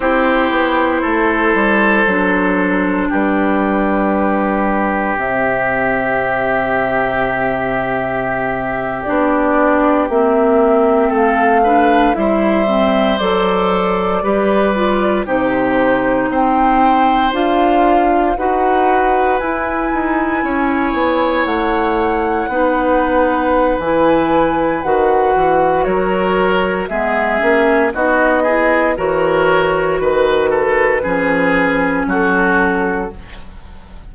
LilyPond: <<
  \new Staff \with { instrumentName = "flute" } { \time 4/4 \tempo 4 = 58 c''2. b'4~ | b'4 e''2.~ | e''8. d''4 e''4 f''4 e''16~ | e''8. d''2 c''4 g''16~ |
g''8. f''4 fis''4 gis''4~ gis''16~ | gis''8. fis''2~ fis''16 gis''4 | fis''4 cis''4 e''4 dis''4 | cis''4 b'2 a'4 | }
  \new Staff \with { instrumentName = "oboe" } { \time 4/4 g'4 a'2 g'4~ | g'1~ | g'2~ g'8. a'8 b'8 c''16~ | c''4.~ c''16 b'4 g'4 c''16~ |
c''4.~ c''16 b'2 cis''16~ | cis''4.~ cis''16 b'2~ b'16~ | b'4 ais'4 gis'4 fis'8 gis'8 | ais'4 b'8 a'8 gis'4 fis'4 | }
  \new Staff \with { instrumentName = "clarinet" } { \time 4/4 e'2 d'2~ | d'4 c'2.~ | c'8. d'4 c'4. d'8 e'16~ | e'16 c'8 a'4 g'8 f'8 dis'4~ dis'16~ |
dis'8. f'4 fis'4 e'4~ e'16~ | e'4.~ e'16 dis'4~ dis'16 e'4 | fis'2 b8 cis'8 dis'8 e'8 | fis'2 cis'2 | }
  \new Staff \with { instrumentName = "bassoon" } { \time 4/4 c'8 b8 a8 g8 fis4 g4~ | g4 c2.~ | c8. b4 ais4 a4 g16~ | g8. fis4 g4 c4 c'16~ |
c'8. d'4 dis'4 e'8 dis'8 cis'16~ | cis'16 b8 a4 b4~ b16 e4 | dis8 e8 fis4 gis8 ais8 b4 | e4 dis4 f4 fis4 | }
>>